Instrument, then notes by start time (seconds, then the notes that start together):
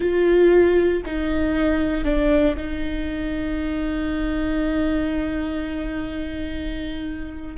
viola
0.00 F4
1.05 D#4
2.04 D4
2.56 D#4